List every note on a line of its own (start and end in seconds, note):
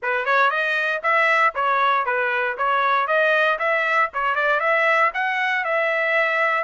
0.02 0.25 B4
0.25 0.50 C#5
0.50 1.01 D#5
1.03 1.54 E5
1.55 2.05 C#5
2.05 2.56 B4
2.57 3.07 C#5
3.07 3.58 D#5
3.59 4.10 E5
4.13 4.35 C#5
4.35 4.59 D5
4.59 5.11 E5
5.14 5.64 F#5
5.64 6.64 E5